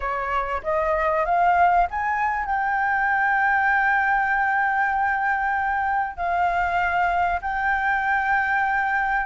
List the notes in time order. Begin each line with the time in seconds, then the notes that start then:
0.00 C#5
0.63 D#5
1.25 F5
1.90 G#5
2.45 G5
6.16 F5
7.41 G5